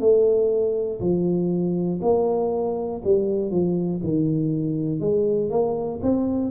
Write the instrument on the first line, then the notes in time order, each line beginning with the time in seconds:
tuba
0.00 A3
1.00 F3
2.02 A#3
3.05 G3
3.51 F3
4.04 D#3
5.01 G#3
5.50 A#3
6.03 C4